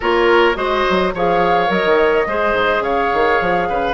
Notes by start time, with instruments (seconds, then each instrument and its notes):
0.00 bassoon A#3, clarinet F4, oboe A#4, flute C#5
0.54 bassoon G#3, clarinet F#4, oboe C5, flute D#5
0.90 bassoon F#3
1.14 bassoon F3, clarinet G#4, oboe C#5, flute F5
1.67 bassoon F#3, clarinet A#4, flute D#5
1.84 bassoon D#3
2.27 bassoon G#3, clarinet G#4, oboe C5
2.53 bassoon G#2
2.80 bassoon C#3, oboe C#5, flute F5
3.13 bassoon D#3
3.40 bassoon F3
3.68 bassoon C#3, oboe B4